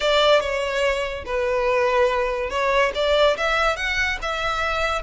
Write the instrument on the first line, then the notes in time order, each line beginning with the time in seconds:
violin
0.00 D5
0.40 C#5
1.25 B4
2.50 C#5
2.95 D5
3.37 E5
3.76 F#5
4.22 E5